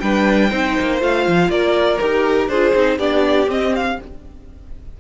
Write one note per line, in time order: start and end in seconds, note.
0.00 0.52 G3
0.00 0.50 D4
0.00 0.50 B4
0.00 0.99 G5
0.50 0.76 C4
0.50 1.00 D#4
0.50 1.49 C5
0.80 1.01 A#3
1.00 1.26 A3
1.00 1.99 F4
1.00 1.51 F5
1.28 1.49 F3
1.49 1.99 A#3
1.49 2.50 A#4
1.49 1.99 D5
1.99 2.49 D#4
1.99 2.50 G4
1.99 2.49 A#4
2.49 2.73 D4
2.49 2.75 F4
2.49 2.98 G#4
2.49 2.98 C5
2.75 2.98 C4
2.75 2.99 D#4
2.98 3.48 B3
2.98 3.47 D4
2.98 3.97 G4
2.98 3.49 D5
3.47 3.96 C4
3.47 3.98 C4
3.47 3.76 D#5
3.76 4.00 F5